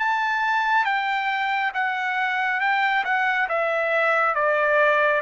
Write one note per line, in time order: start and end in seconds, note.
0.00 0.85 A5
0.85 1.72 G5
1.74 2.61 F#5
2.61 3.04 G5
3.05 3.48 F#5
3.49 4.35 E5
4.35 5.22 D5